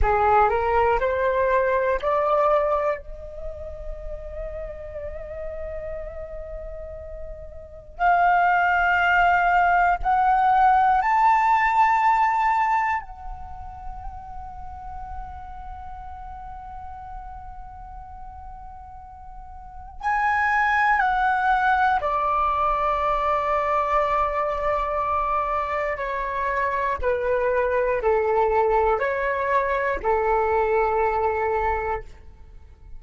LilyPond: \new Staff \with { instrumentName = "flute" } { \time 4/4 \tempo 4 = 60 gis'8 ais'8 c''4 d''4 dis''4~ | dis''1 | f''2 fis''4 a''4~ | a''4 fis''2.~ |
fis''1 | gis''4 fis''4 d''2~ | d''2 cis''4 b'4 | a'4 cis''4 a'2 | }